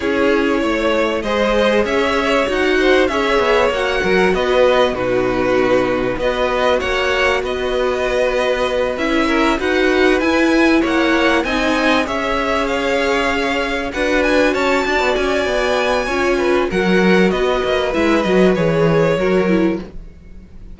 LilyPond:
<<
  \new Staff \with { instrumentName = "violin" } { \time 4/4 \tempo 4 = 97 cis''2 dis''4 e''4 | fis''4 e''4 fis''4 dis''4 | b'2 dis''4 fis''4 | dis''2~ dis''8 e''4 fis''8~ |
fis''8 gis''4 fis''4 gis''4 e''8~ | e''8 f''2 fis''8 gis''8 a''8~ | a''8 gis''2~ gis''8 fis''4 | dis''4 e''8 dis''8 cis''2 | }
  \new Staff \with { instrumentName = "violin" } { \time 4/4 gis'4 cis''4 c''4 cis''4~ | cis''8 c''8 cis''4. ais'8 b'4 | fis'2 b'4 cis''4 | b'2. ais'8 b'8~ |
b'4. cis''4 dis''4 cis''8~ | cis''2~ cis''8 b'4 cis''8 | d''2 cis''8 b'8 ais'4 | b'2. ais'4 | }
  \new Staff \with { instrumentName = "viola" } { \time 4/4 e'2 gis'2 | fis'4 gis'4 fis'2 | dis'2 fis'2~ | fis'2~ fis'8 e'4 fis'8~ |
fis'8 e'2 dis'4 gis'8~ | gis'2~ gis'8 fis'4.~ | fis'2 f'4 fis'4~ | fis'4 e'8 fis'8 gis'4 fis'8 e'8 | }
  \new Staff \with { instrumentName = "cello" } { \time 4/4 cis'4 a4 gis4 cis'4 | dis'4 cis'8 b8 ais8 fis8 b4 | b,2 b4 ais4 | b2~ b8 cis'4 dis'8~ |
dis'8 e'4 ais4 c'4 cis'8~ | cis'2~ cis'8 d'4 cis'8 | d'16 b16 cis'8 b4 cis'4 fis4 | b8 ais8 gis8 fis8 e4 fis4 | }
>>